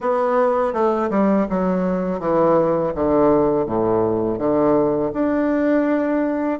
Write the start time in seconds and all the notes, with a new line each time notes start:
0.00 B3
0.73 A3
1.10 G3
1.49 F#3
2.19 E3
2.94 D3
3.66 A2
4.38 D3
5.13 D4